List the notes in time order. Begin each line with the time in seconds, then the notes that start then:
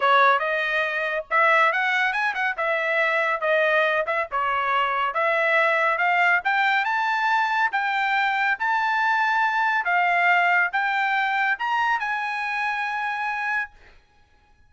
0.00 C#5
0.39 D#5
1.30 E5
1.72 F#5
2.12 G#5
2.34 F#5
2.57 E5
3.40 D#5
4.06 E5
4.31 C#5
5.14 E5
5.98 F5
6.44 G5
6.85 A5
7.72 G5
8.59 A5
9.84 F5
10.72 G5
11.58 A#5
11.99 G#5